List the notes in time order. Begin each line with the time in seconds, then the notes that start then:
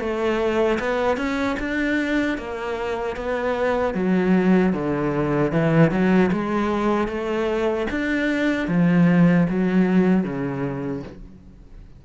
0.00 A3
0.80 B3
1.17 C#4
1.60 D4
2.38 A#3
3.17 B3
3.95 F#3
4.73 D3
5.52 E3
5.91 F#3
6.32 G#3
7.08 A3
7.91 D4
8.68 F3
9.50 F#3
10.24 C#3